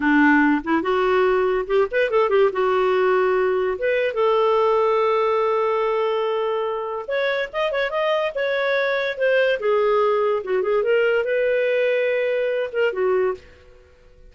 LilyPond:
\new Staff \with { instrumentName = "clarinet" } { \time 4/4 \tempo 4 = 144 d'4. e'8 fis'2 | g'8 b'8 a'8 g'8 fis'2~ | fis'4 b'4 a'2~ | a'1~ |
a'4 cis''4 dis''8 cis''8 dis''4 | cis''2 c''4 gis'4~ | gis'4 fis'8 gis'8 ais'4 b'4~ | b'2~ b'8 ais'8 fis'4 | }